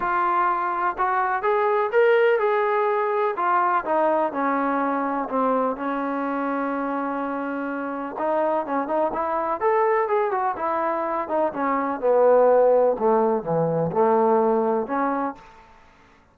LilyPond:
\new Staff \with { instrumentName = "trombone" } { \time 4/4 \tempo 4 = 125 f'2 fis'4 gis'4 | ais'4 gis'2 f'4 | dis'4 cis'2 c'4 | cis'1~ |
cis'4 dis'4 cis'8 dis'8 e'4 | a'4 gis'8 fis'8 e'4. dis'8 | cis'4 b2 a4 | e4 a2 cis'4 | }